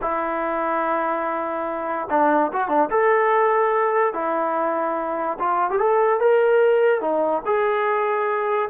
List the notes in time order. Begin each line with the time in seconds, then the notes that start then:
0.01 E4
2.10 D4
2.52 F#4
2.68 D4
2.90 A4
4.13 E4
5.39 F4
5.70 G4
5.78 A4
6.20 A#4
7.00 D#4
7.45 G#4